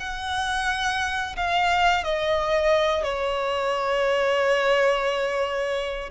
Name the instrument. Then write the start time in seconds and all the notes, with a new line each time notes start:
violin
0.00 F#5
1.37 F5
2.04 D#5
3.03 C#5